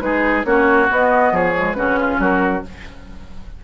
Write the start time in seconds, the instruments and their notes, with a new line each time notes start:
0.00 bassoon G#3, clarinet D#4, oboe G#4, flute B4
0.44 bassoon A#3, clarinet C#4, oboe F#4, flute C#5
0.89 clarinet B3, bassoon B3, flute D#5
1.32 bassoon F3, oboe G#4, flute C#5
1.55 clarinet G#3
1.73 bassoon C#3, clarinet C#4, oboe F#4, flute B4
2.00 oboe F4
2.18 bassoon F#3, oboe F#4, flute A#4